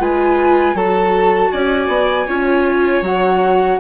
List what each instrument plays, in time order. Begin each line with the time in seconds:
0.00 bassoon G#3, viola F4, violin B4, flute G#5
0.75 bassoon F#3, viola F#4, violin A4, flute A5
1.52 bassoon C#4, violin D5, flute G#5
1.88 bassoon B3
2.28 bassoon C#4, viola F4, violin C#5
3.02 bassoon F#3, viola F#4, flute F#5